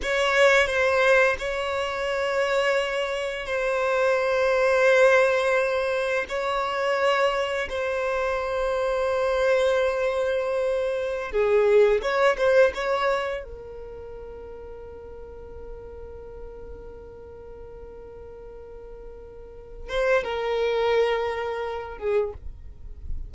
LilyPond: \new Staff \with { instrumentName = "violin" } { \time 4/4 \tempo 4 = 86 cis''4 c''4 cis''2~ | cis''4 c''2.~ | c''4 cis''2 c''4~ | c''1~ |
c''16 gis'4 cis''8 c''8 cis''4 ais'8.~ | ais'1~ | ais'1~ | ais'8 c''8 ais'2~ ais'8 gis'8 | }